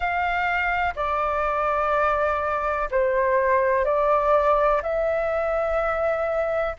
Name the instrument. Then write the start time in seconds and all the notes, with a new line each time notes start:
flute
0.00 F5
0.95 D5
2.90 C5
3.84 D5
4.82 E5